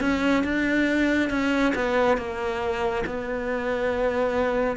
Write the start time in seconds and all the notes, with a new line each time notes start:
0.00 C#4
0.43 D4
1.29 C#4
1.75 B3
2.17 A#3
3.06 B3